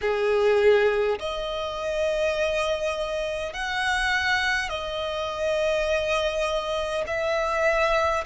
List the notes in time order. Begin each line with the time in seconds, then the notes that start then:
0.01 G#4
1.19 D#5
3.53 F#5
4.69 D#5
7.06 E5